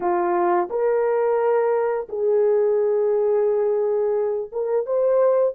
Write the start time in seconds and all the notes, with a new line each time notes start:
0.00 F4
0.70 A#4
2.08 G#4
4.51 A#4
4.86 C5